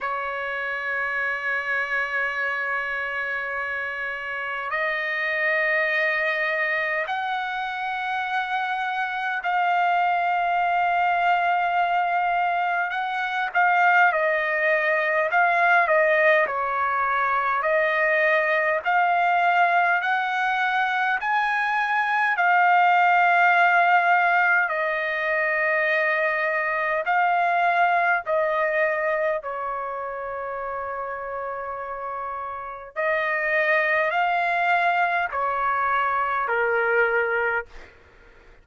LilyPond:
\new Staff \with { instrumentName = "trumpet" } { \time 4/4 \tempo 4 = 51 cis''1 | dis''2 fis''2 | f''2. fis''8 f''8 | dis''4 f''8 dis''8 cis''4 dis''4 |
f''4 fis''4 gis''4 f''4~ | f''4 dis''2 f''4 | dis''4 cis''2. | dis''4 f''4 cis''4 ais'4 | }